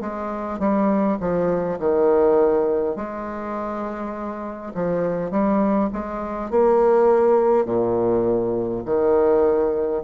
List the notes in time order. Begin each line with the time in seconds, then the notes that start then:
0.00 G#3
0.59 G3
1.20 F3
1.79 D#3
2.96 G#3
4.74 F3
5.30 G3
5.93 G#3
6.50 A#3
7.65 A#2
8.84 D#3